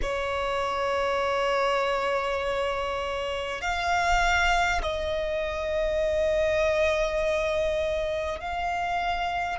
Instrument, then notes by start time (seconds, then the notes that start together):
violin
0.02 C#5
3.61 F5
4.82 D#5
8.39 F5